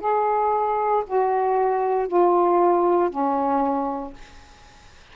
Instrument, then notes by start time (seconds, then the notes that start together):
saxophone
0.00 G#4
1.07 F#4
2.08 F4
3.10 C#4